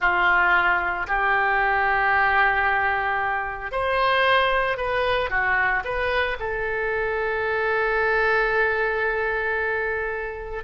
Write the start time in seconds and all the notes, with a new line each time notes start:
0.00 F4
1.07 G4
3.71 C5
4.77 B4
5.30 F#4
5.84 B4
6.39 A4